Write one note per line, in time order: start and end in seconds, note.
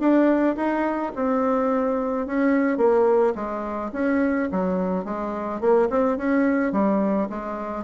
0.00 0.56 D4
0.57 1.13 D#4
1.15 2.27 C4
2.27 2.78 C#4
2.78 3.34 A#3
3.35 3.91 G#3
3.93 4.49 C#4
4.52 5.05 F#3
5.05 5.61 G#3
5.61 5.89 A#3
5.90 6.18 C4
6.18 6.73 C#4
6.73 7.29 G3
7.30 7.85 G#3